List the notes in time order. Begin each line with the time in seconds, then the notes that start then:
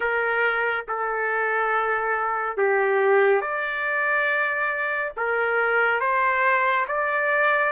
0.00 A#4
0.88 A4
2.57 G4
3.41 D5
5.17 A#4
6.00 C5
6.87 D5